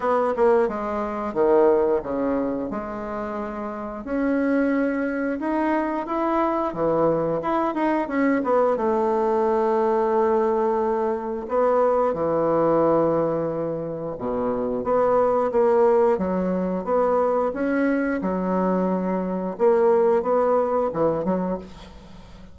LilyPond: \new Staff \with { instrumentName = "bassoon" } { \time 4/4 \tempo 4 = 89 b8 ais8 gis4 dis4 cis4 | gis2 cis'2 | dis'4 e'4 e4 e'8 dis'8 | cis'8 b8 a2.~ |
a4 b4 e2~ | e4 b,4 b4 ais4 | fis4 b4 cis'4 fis4~ | fis4 ais4 b4 e8 fis8 | }